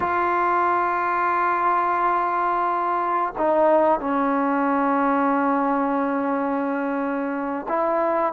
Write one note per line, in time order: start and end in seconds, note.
0.00 3.33 F4
3.38 3.99 D#4
3.99 7.66 C#4
7.68 8.32 E4